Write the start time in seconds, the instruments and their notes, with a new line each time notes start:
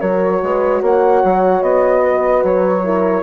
0.00 bassoon F#3, horn F#4 A#4, flute C#5
0.43 bassoon G#3, horn B4
0.81 bassoon A#3, horn C#5, flute F#5
1.24 bassoon F#3
1.62 bassoon B3, flute D#5
2.04 horn B4
2.44 bassoon F#3, flute C#5
2.84 horn E4 A#4